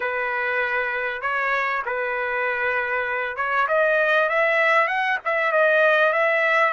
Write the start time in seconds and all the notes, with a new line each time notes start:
0.00 B4
1.21 C#5
1.85 B4
3.36 C#5
3.68 D#5
4.29 E5
4.87 F#5
5.24 E5
5.52 D#5
6.13 E5